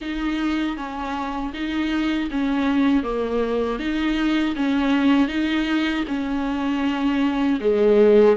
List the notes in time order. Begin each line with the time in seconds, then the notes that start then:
0.01 D#4
0.76 C#4
1.53 D#4
2.30 C#4
3.03 A#3
3.79 D#4
4.55 C#4
5.28 D#4
6.07 C#4
7.60 G#3